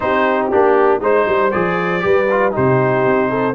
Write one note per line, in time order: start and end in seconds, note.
0.00 0.52 C4
0.00 0.51 D#4
0.00 1.01 G4
0.00 0.47 C5
0.51 1.00 A#3
0.51 1.01 D4
0.51 1.02 G4
1.00 1.25 G#3
1.00 1.51 D#4
1.00 2.03 C5
1.00 1.51 C5
1.28 1.53 G3
1.51 2.05 F3
1.51 1.99 G#4
1.51 2.53 D5
1.99 2.56 G3
1.99 2.25 G4
1.99 2.53 B4
2.31 2.51 F4
2.51 3.05 C3
2.51 3.53 D#4
2.51 3.29 G4
2.51 3.55 C5
3.05 3.55 C4
3.29 3.54 A4